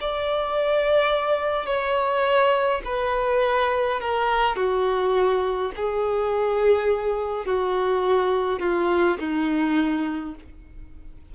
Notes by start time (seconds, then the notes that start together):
0.00 D5
1.66 C#5
2.84 B4
4.00 A#4
4.56 F#4
5.76 G#4
7.45 F#4
8.59 F4
9.19 D#4